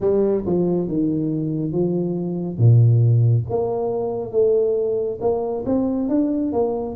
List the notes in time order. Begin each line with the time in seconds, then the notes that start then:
0.00 G3
0.46 F3
0.88 D#3
1.72 F3
2.57 A#2
3.49 A#3
4.31 A3
5.21 A#3
5.65 C4
6.09 D4
6.52 A#3